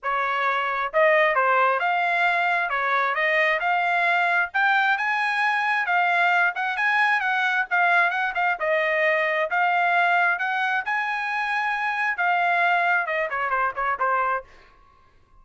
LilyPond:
\new Staff \with { instrumentName = "trumpet" } { \time 4/4 \tempo 4 = 133 cis''2 dis''4 c''4 | f''2 cis''4 dis''4 | f''2 g''4 gis''4~ | gis''4 f''4. fis''8 gis''4 |
fis''4 f''4 fis''8 f''8 dis''4~ | dis''4 f''2 fis''4 | gis''2. f''4~ | f''4 dis''8 cis''8 c''8 cis''8 c''4 | }